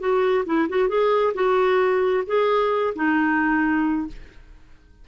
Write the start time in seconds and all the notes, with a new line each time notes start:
0.00 F#4
0.46 E4
0.69 F#4
0.89 G#4
1.34 F#4
2.27 G#4
2.96 D#4